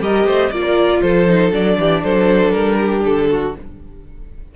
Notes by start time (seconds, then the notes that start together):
0.00 G3 G4 A#4 D#5
0.25 A3 C5
0.50 A#3 F4 D5
0.63 A#4
1.01 F3 A4 C5
1.28 D#4
1.51 F#3 D4 D5
1.78 E3 G4
2.04 F#3 A4 C5
2.51 G3 A#4
2.80 G4
3.04 D3 A4
3.31 F#4